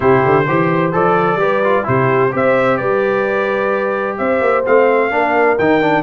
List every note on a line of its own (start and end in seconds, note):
0.00 0.22 C3
0.00 0.45 E4
0.00 0.45 G4
0.00 0.92 C5
0.25 0.48 D3
0.45 0.94 E3
0.45 0.92 G4
0.45 1.38 C5
0.92 1.36 F3
0.92 1.39 A4
0.92 1.87 D5
1.36 1.82 G3
1.36 1.63 G4
1.36 1.86 B4
1.64 1.83 F4
1.83 2.34 C3
1.83 2.30 E4
1.83 2.33 G4
1.83 2.33 C5
2.31 2.80 C4
2.31 4.64 G4
2.31 2.78 C5
2.31 2.77 E5
2.77 4.19 G3
2.77 4.18 B4
2.77 4.16 D5
4.17 4.40 C4
4.17 5.11 C5
4.17 4.64 E5
4.40 4.64 A#3
4.65 5.10 A3
4.65 5.10 C4
4.65 5.58 F5
5.10 5.57 A#3
5.10 5.57 D4
5.10 6.02 A#4
5.58 6.02 D#3
5.58 5.81 D#4
5.58 6.02 G5
5.81 6.02 D4